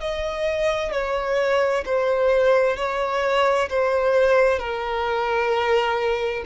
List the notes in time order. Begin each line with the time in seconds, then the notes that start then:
0.00 D#5
0.91 C#5
1.85 C5
2.77 C#5
3.69 C5
4.59 A#4